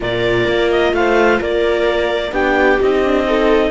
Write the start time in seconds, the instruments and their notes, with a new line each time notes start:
0.00 cello A#2, viola F4 A#4, clarinet D5
0.47 cello A#3
0.71 clarinet D#5
0.93 cello A3, viola C5, clarinet F5
1.40 cello A#3, viola A#4, clarinet D5
2.31 cello B3, viola D4 G4, clarinet G5
2.81 cello C4, viola D#4, clarinet D#5
3.05 viola D4
3.26 viola D#4 A4